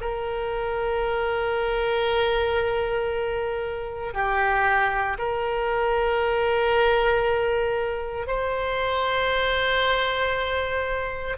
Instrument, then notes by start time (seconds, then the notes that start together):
oboe
0.00 A#4
4.13 G4
5.18 A#4
8.27 C5